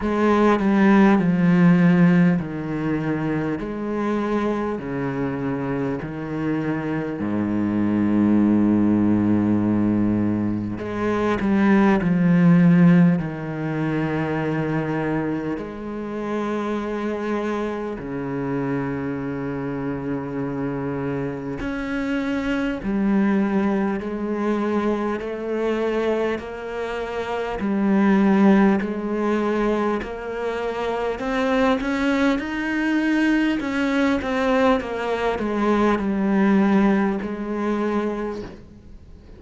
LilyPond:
\new Staff \with { instrumentName = "cello" } { \time 4/4 \tempo 4 = 50 gis8 g8 f4 dis4 gis4 | cis4 dis4 gis,2~ | gis,4 gis8 g8 f4 dis4~ | dis4 gis2 cis4~ |
cis2 cis'4 g4 | gis4 a4 ais4 g4 | gis4 ais4 c'8 cis'8 dis'4 | cis'8 c'8 ais8 gis8 g4 gis4 | }